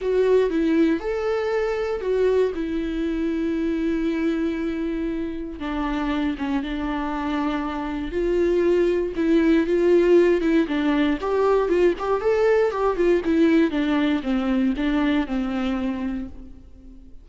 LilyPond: \new Staff \with { instrumentName = "viola" } { \time 4/4 \tempo 4 = 118 fis'4 e'4 a'2 | fis'4 e'2.~ | e'2. d'4~ | d'8 cis'8 d'2. |
f'2 e'4 f'4~ | f'8 e'8 d'4 g'4 f'8 g'8 | a'4 g'8 f'8 e'4 d'4 | c'4 d'4 c'2 | }